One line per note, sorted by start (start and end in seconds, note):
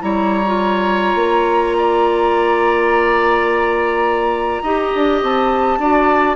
0.00 1.15 G3
0.00 0.43 E4
0.00 1.77 C#5
0.00 5.21 A#5
0.46 4.65 F4
1.15 4.61 A#3
1.77 4.63 D5
4.63 4.92 D#4
4.63 5.81 G4
4.63 5.78 D#5
4.95 5.22 D4
5.22 5.78 C4
5.22 6.35 A5
5.78 6.35 D4
5.78 6.35 F#4
5.78 6.35 D5